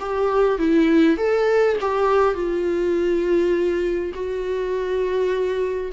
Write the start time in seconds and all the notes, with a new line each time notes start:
0.00 G4
0.59 E4
1.18 A4
1.81 G4
2.34 F4
4.14 F#4